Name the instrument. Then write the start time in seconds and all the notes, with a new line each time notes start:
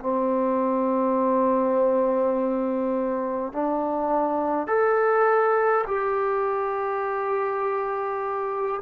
trombone
0.00 C4
3.52 D4
4.67 A4
5.87 G4